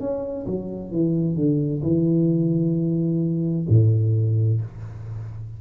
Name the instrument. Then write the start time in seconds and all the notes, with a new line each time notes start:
tuba
0.00 C#4
0.46 F#3
0.91 E3
1.36 D3
1.83 E3
3.69 A2